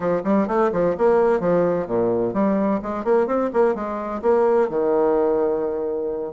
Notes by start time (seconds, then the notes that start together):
0.00 F3
0.24 G3
0.47 A3
0.72 F3
0.97 A#3
1.39 F3
1.86 A#2
2.33 G3
2.82 G#3
3.04 A#3
3.27 C4
3.53 A#3
3.74 G#3
4.22 A#3
4.69 D#3